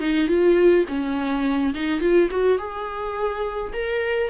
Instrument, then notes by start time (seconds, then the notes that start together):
viola
0.00 D#4
0.28 F4
0.88 C#4
1.75 D#4
2.01 F4
2.31 F#4
2.58 G#4
3.73 A#4